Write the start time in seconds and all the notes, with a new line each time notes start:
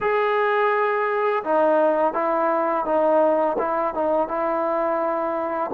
0.00 G#4
1.44 D#4
2.13 E4
2.85 D#4
3.58 E4
3.94 D#4
4.28 E4